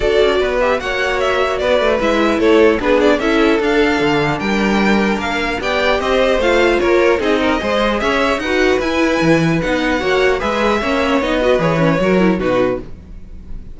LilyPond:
<<
  \new Staff \with { instrumentName = "violin" } { \time 4/4 \tempo 4 = 150 d''4. e''8 fis''4 e''4 | d''4 e''4 cis''4 b'8 d''8 | e''4 f''2 g''4~ | g''4 f''4 g''4 dis''4 |
f''4 cis''4 dis''2 | e''4 fis''4 gis''2 | fis''2 e''2 | dis''4 cis''2 b'4 | }
  \new Staff \with { instrumentName = "violin" } { \time 4/4 a'4 b'4 cis''2 | b'2 a'4 gis'4 | a'2. ais'4~ | ais'2 d''4 c''4~ |
c''4 ais'4 gis'8 ais'8 c''4 | cis''4 b'2.~ | b'4 cis''4 b'4 cis''4~ | cis''8 b'4. ais'4 fis'4 | }
  \new Staff \with { instrumentName = "viola" } { \time 4/4 fis'4. g'8 fis'2~ | fis'4 e'2 d'4 | e'4 d'2.~ | d'2 g'2 |
f'2 dis'4 gis'4~ | gis'4 fis'4 e'2 | dis'4 fis'4 gis'4 cis'4 | dis'8 fis'8 gis'8 cis'8 fis'8 e'8 dis'4 | }
  \new Staff \with { instrumentName = "cello" } { \time 4/4 d'8 cis'8 b4 ais2 | b8 a8 gis4 a4 b4 | cis'4 d'4 d4 g4~ | g4 ais4 b4 c'4 |
a4 ais4 c'4 gis4 | cis'4 dis'4 e'4 e4 | b4 ais4 gis4 ais4 | b4 e4 fis4 b,4 | }
>>